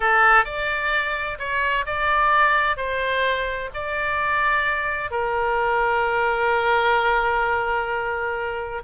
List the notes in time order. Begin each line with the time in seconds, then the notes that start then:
0.00 A4
0.45 D5
1.38 C#5
1.86 D5
2.77 C5
3.73 D5
5.10 A#4